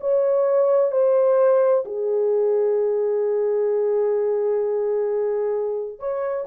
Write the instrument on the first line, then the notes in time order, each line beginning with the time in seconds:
horn
0.00 C#5
0.91 C5
1.85 G#4
5.99 C#5